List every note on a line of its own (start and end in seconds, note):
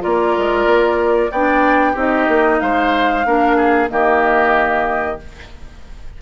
0.00 0.37 A#3
0.00 1.29 F4
0.00 1.31 A#4
0.00 1.31 D5
0.37 0.65 G#3
0.65 1.29 A#3
1.31 1.95 B3
1.31 1.95 D4
1.31 1.92 D5
1.31 1.96 G5
1.92 2.27 C4
1.92 3.24 D#4
1.92 2.57 G4
1.98 2.60 D#5
2.28 2.60 A#3
2.60 3.25 G#3
2.60 3.26 C5
2.60 3.89 F5
3.25 3.90 A#3
3.25 3.88 D4
3.25 3.56 A#4
3.56 3.88 G#4
3.88 5.19 D#3
3.88 5.17 A#3
3.88 5.21 G4
3.88 5.19 D#5